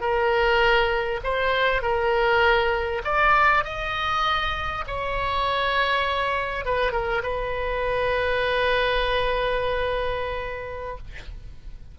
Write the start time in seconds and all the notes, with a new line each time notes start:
0.00 A#4
1.23 C5
1.82 A#4
3.04 D5
3.64 D#5
4.87 C#5
6.65 B4
6.91 A#4
7.22 B4